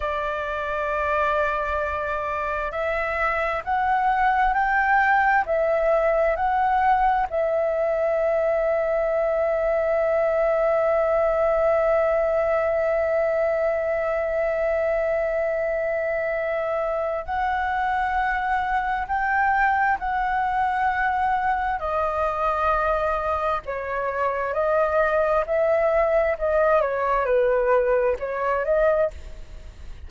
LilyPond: \new Staff \with { instrumentName = "flute" } { \time 4/4 \tempo 4 = 66 d''2. e''4 | fis''4 g''4 e''4 fis''4 | e''1~ | e''1~ |
e''2. fis''4~ | fis''4 g''4 fis''2 | dis''2 cis''4 dis''4 | e''4 dis''8 cis''8 b'4 cis''8 dis''8 | }